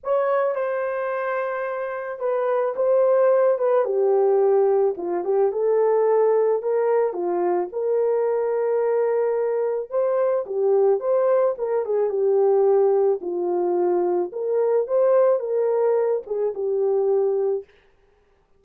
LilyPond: \new Staff \with { instrumentName = "horn" } { \time 4/4 \tempo 4 = 109 cis''4 c''2. | b'4 c''4. b'8 g'4~ | g'4 f'8 g'8 a'2 | ais'4 f'4 ais'2~ |
ais'2 c''4 g'4 | c''4 ais'8 gis'8 g'2 | f'2 ais'4 c''4 | ais'4. gis'8 g'2 | }